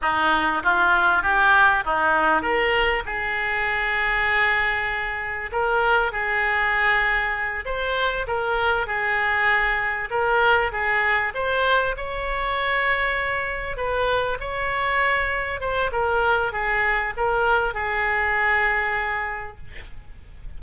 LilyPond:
\new Staff \with { instrumentName = "oboe" } { \time 4/4 \tempo 4 = 98 dis'4 f'4 g'4 dis'4 | ais'4 gis'2.~ | gis'4 ais'4 gis'2~ | gis'8 c''4 ais'4 gis'4.~ |
gis'8 ais'4 gis'4 c''4 cis''8~ | cis''2~ cis''8 b'4 cis''8~ | cis''4. c''8 ais'4 gis'4 | ais'4 gis'2. | }